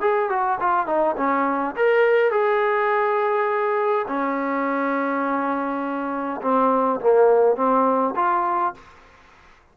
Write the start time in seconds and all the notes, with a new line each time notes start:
0.00 G#4
0.29 F#4
0.60 F4
0.86 D#4
1.17 C#4
1.76 A#4
2.31 G#4
4.07 C#4
6.41 C4
7.00 A#3
7.56 C4
8.15 F4